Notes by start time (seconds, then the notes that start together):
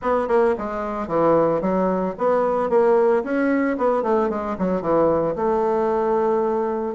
0.01 B3
0.28 A#3
0.58 G#3
1.07 E3
1.61 F#3
2.17 B3
2.69 A#3
3.23 C#4
3.77 B3
4.03 A3
4.29 G#3
4.58 F#3
4.81 E3
5.35 A3